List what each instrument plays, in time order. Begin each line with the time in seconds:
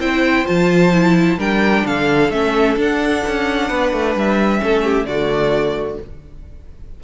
0.00 cello C4, viola E4, violin C5 G5
0.45 cello F3, viola F4, violin A5
0.93 viola E4
1.38 cello G3, viola D4, violin A#4 G5
1.86 cello D3, violin A4 F5
2.30 cello A3, viola C#4, violin E5
2.77 cello D4, viola D4, violin F#5
3.27 cello C#4
3.68 cello B3, violin B4
3.93 cello A3
4.16 cello G3, violin E5
4.59 cello A3, viola C#4, violin A4
4.84 violin G4
5.05 cello D3, violin F#4 D5
5.12 viola A3